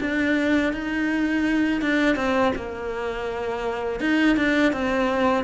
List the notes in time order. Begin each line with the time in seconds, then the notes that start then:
0.00 D4
0.73 D#4
1.81 D4
2.16 C4
2.56 A#3
4.00 D#4
4.37 D4
4.72 C4